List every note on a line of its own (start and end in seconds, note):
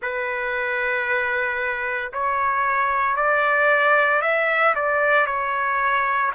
0.01 2.12 B4
2.12 3.16 C#5
3.16 4.21 D5
4.21 4.74 E5
4.75 5.26 D5
5.26 6.31 C#5